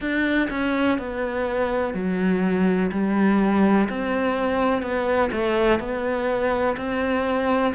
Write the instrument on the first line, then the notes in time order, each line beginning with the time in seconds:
cello
0.00 D4
0.50 C#4
0.98 B3
1.94 F#3
2.91 G3
3.89 C4
4.81 B3
5.31 A3
5.79 B3
6.77 C4